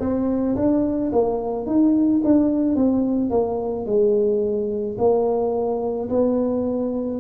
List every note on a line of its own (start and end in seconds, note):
0.00 0.56 C4
0.56 1.12 D4
1.13 1.67 A#3
1.67 2.22 D#4
2.24 2.76 D4
2.76 3.30 C4
3.30 3.86 A#3
3.86 4.97 G#3
4.98 6.10 A#3
6.10 7.20 B3